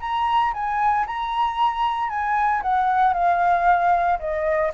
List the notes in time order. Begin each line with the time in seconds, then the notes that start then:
0.00 A#5
0.53 G#5
1.06 A#5
2.09 G#5
2.62 F#5
3.13 F5
4.19 D#5